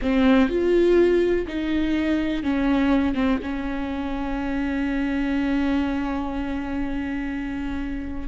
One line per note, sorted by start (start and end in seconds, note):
0.01 0.48 C4
0.48 1.46 F4
1.47 2.43 D#4
2.43 3.14 C#4
3.14 3.38 C4
3.42 8.28 C#4